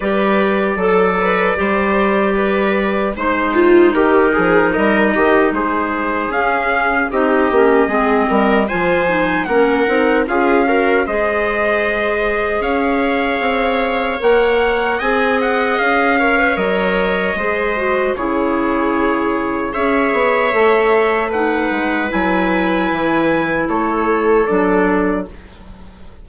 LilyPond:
<<
  \new Staff \with { instrumentName = "trumpet" } { \time 4/4 \tempo 4 = 76 d''1 | c''4 ais'4 dis''4 c''4 | f''4 dis''2 gis''4 | fis''4 f''4 dis''2 |
f''2 fis''4 gis''8 fis''8 | f''4 dis''2 cis''4~ | cis''4 e''2 fis''4 | gis''2 cis''4 d''4 | }
  \new Staff \with { instrumentName = "viola" } { \time 4/4 b'4 a'8 b'8 c''4 b'4 | c''8 f'8 g'8 gis'8 ais'8 g'8 gis'4~ | gis'4 g'4 gis'8 ais'8 c''4 | ais'4 gis'8 ais'8 c''2 |
cis''2. dis''4~ | dis''8 cis''4. c''4 gis'4~ | gis'4 cis''2 b'4~ | b'2 a'2 | }
  \new Staff \with { instrumentName = "clarinet" } { \time 4/4 g'4 a'4 g'2 | dis'1 | cis'4 dis'8 cis'8 c'4 f'8 dis'8 | cis'8 dis'8 f'8 fis'8 gis'2~ |
gis'2 ais'4 gis'4~ | gis'8 ais'16 b'16 ais'4 gis'8 fis'8 e'4~ | e'4 gis'4 a'4 dis'4 | e'2. d'4 | }
  \new Staff \with { instrumentName = "bassoon" } { \time 4/4 g4 fis4 g2 | gis4 dis8 f8 g8 dis8 gis4 | cis'4 c'8 ais8 gis8 g8 f4 | ais8 c'8 cis'4 gis2 |
cis'4 c'4 ais4 c'4 | cis'4 fis4 gis4 cis4~ | cis4 cis'8 b8 a4. gis8 | fis4 e4 a4 fis4 | }
>>